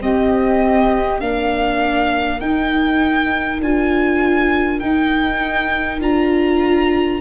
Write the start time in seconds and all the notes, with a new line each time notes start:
0.00 C4 G4 D#5
1.20 A#3 D4 A#4 F5
2.40 D#4 G5
3.60 D4 F4 G#5
4.79 D#4 G5
6.00 D4 F4 A#5